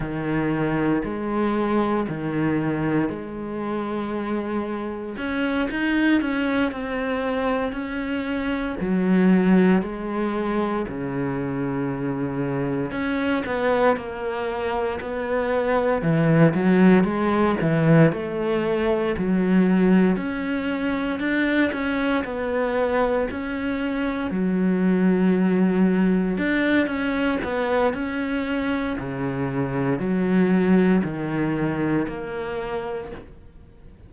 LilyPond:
\new Staff \with { instrumentName = "cello" } { \time 4/4 \tempo 4 = 58 dis4 gis4 dis4 gis4~ | gis4 cis'8 dis'8 cis'8 c'4 cis'8~ | cis'8 fis4 gis4 cis4.~ | cis8 cis'8 b8 ais4 b4 e8 |
fis8 gis8 e8 a4 fis4 cis'8~ | cis'8 d'8 cis'8 b4 cis'4 fis8~ | fis4. d'8 cis'8 b8 cis'4 | cis4 fis4 dis4 ais4 | }